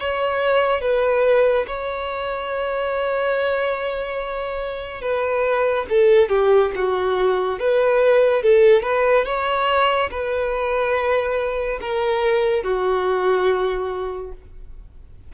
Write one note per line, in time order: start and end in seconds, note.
0.00 0.81 C#5
0.81 1.66 B4
1.67 5.02 C#5
5.02 5.86 B4
5.90 6.29 A4
6.29 6.71 G4
6.76 7.59 F#4
7.59 8.43 B4
8.43 8.83 A4
8.83 9.25 B4
9.25 10.10 C#5
10.11 11.80 B4
11.81 12.64 A#4
12.64 14.33 F#4